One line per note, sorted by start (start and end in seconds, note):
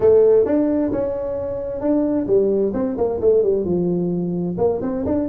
0.00 0.45 A3
0.45 0.91 D4
0.92 1.80 C#4
1.80 2.26 D4
2.26 2.72 G3
2.73 2.96 C4
2.97 3.20 A#3
3.21 3.42 A3
3.42 3.64 G3
3.64 4.56 F3
4.57 4.80 A#3
4.81 5.04 C4
5.05 5.28 D4